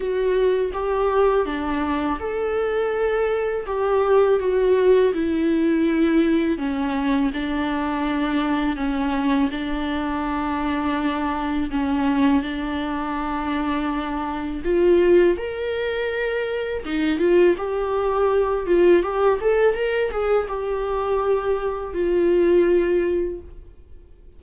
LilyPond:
\new Staff \with { instrumentName = "viola" } { \time 4/4 \tempo 4 = 82 fis'4 g'4 d'4 a'4~ | a'4 g'4 fis'4 e'4~ | e'4 cis'4 d'2 | cis'4 d'2. |
cis'4 d'2. | f'4 ais'2 dis'8 f'8 | g'4. f'8 g'8 a'8 ais'8 gis'8 | g'2 f'2 | }